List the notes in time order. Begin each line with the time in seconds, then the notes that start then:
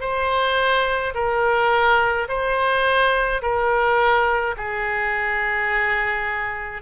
0.00 C5
1.14 A#4
2.28 C5
3.42 A#4
4.56 G#4